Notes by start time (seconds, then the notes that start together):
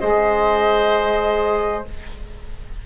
0.00 G#3 G#4 C5 D#5